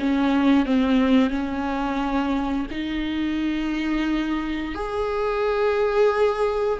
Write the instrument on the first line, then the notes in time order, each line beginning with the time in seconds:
viola
0.00 C#4
0.66 C4
1.30 C#4
2.71 D#4
4.75 G#4